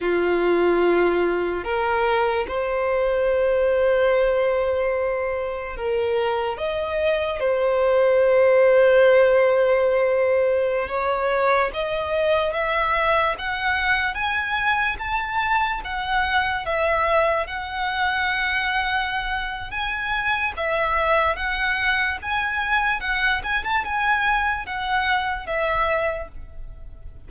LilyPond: \new Staff \with { instrumentName = "violin" } { \time 4/4 \tempo 4 = 73 f'2 ais'4 c''4~ | c''2. ais'4 | dis''4 c''2.~ | c''4~ c''16 cis''4 dis''4 e''8.~ |
e''16 fis''4 gis''4 a''4 fis''8.~ | fis''16 e''4 fis''2~ fis''8. | gis''4 e''4 fis''4 gis''4 | fis''8 gis''16 a''16 gis''4 fis''4 e''4 | }